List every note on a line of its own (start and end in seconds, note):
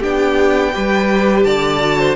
0.00 0.76 B3
0.00 0.73 D4
0.00 0.71 G4
0.00 1.44 G5
0.73 1.46 G3
0.73 1.80 G4
0.73 1.46 B4
1.44 2.16 D3
1.44 2.00 D5
1.44 2.15 A5
1.80 2.16 F#4
2.00 2.16 C5